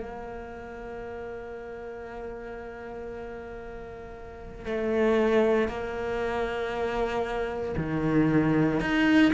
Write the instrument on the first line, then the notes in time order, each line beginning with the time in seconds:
cello
0.00 A#3
4.65 A3
5.68 A#3
7.77 D#3
8.80 D#4